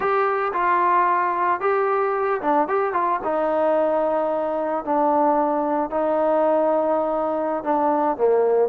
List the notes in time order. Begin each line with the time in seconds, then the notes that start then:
0.00 G4
0.53 F4
1.60 G4
2.41 D4
2.67 G4
2.93 F4
3.24 D#4
4.84 D4
5.90 D#4
7.63 D4
8.17 A#3